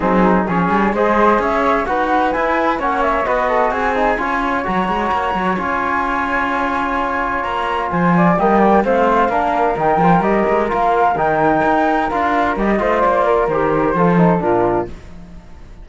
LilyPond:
<<
  \new Staff \with { instrumentName = "flute" } { \time 4/4 \tempo 4 = 129 gis'4 cis''4 dis''4 e''4 | fis''4 gis''4 fis''8 e''8 dis''4 | gis''2 ais''2 | gis''1 |
ais''4 gis''4 g''4 f''4~ | f''4 g''4 dis''4 f''4 | g''2 f''4 dis''4 | d''4 c''2 ais'4 | }
  \new Staff \with { instrumentName = "flute" } { \time 4/4 dis'4 gis'4 c''4 cis''4 | b'2 cis''4 b'8 a'8 | gis'4 cis''2.~ | cis''1~ |
cis''4 c''8 d''8 dis''8 d''8 c''4 | ais'1~ | ais'2.~ ais'8 c''8~ | c''8 ais'4. a'4 f'4 | }
  \new Staff \with { instrumentName = "trombone" } { \time 4/4 c'4 cis'4 gis'2 | fis'4 e'4 cis'4 fis'4~ | fis'8 dis'8 f'4 fis'2 | f'1~ |
f'2 ais4 c'4 | d'4 dis'8 f'8 g'4 f'4 | dis'2 f'4 g'8 f'8~ | f'4 g'4 f'8 dis'8 d'4 | }
  \new Staff \with { instrumentName = "cello" } { \time 4/4 fis4 f8 g8 gis4 cis'4 | dis'4 e'4 ais4 b4 | c'4 cis'4 fis8 gis8 ais8 fis8 | cis'1 |
ais4 f4 g4 a4 | ais4 dis8 f8 g8 gis8 ais4 | dis4 dis'4 d'4 g8 a8 | ais4 dis4 f4 ais,4 | }
>>